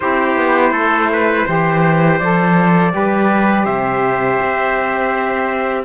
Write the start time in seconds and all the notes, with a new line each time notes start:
0.00 C4 E4 G4 C5
0.36 B3
0.71 A3 A4
1.12 B4
1.46 E3 G4 C5
2.19 F3 A4 D5
2.91 G3 G4 B4
3.64 C3 C5 E5
4.41 C4